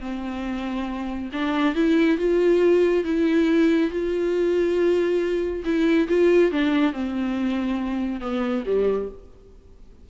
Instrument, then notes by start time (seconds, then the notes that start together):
viola
0.00 C4
1.32 D4
1.75 E4
2.18 F4
3.04 E4
3.90 F4
5.64 E4
6.08 F4
6.51 D4
6.92 C4
8.20 B3
8.65 G3